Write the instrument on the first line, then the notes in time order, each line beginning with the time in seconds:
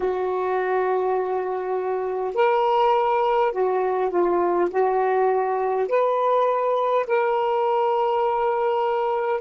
saxophone
0.00 F#4
2.35 A#4
3.52 F#4
4.10 F4
4.70 F#4
5.88 B4
7.06 A#4